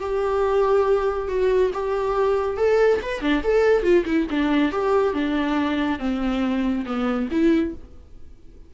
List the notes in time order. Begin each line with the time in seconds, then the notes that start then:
0.00 G4
1.28 F#4
1.74 G4
2.58 A4
3.03 B4
3.21 D4
3.44 A4
3.83 F4
4.06 E4
4.31 D4
4.72 G4
5.14 D4
6.00 C4
6.86 B3
7.32 E4